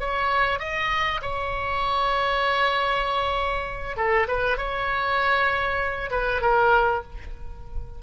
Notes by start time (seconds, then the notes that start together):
0.00 C#5
0.60 D#5
1.22 C#5
3.97 A4
4.28 B4
4.58 C#5
6.11 B4
6.42 A#4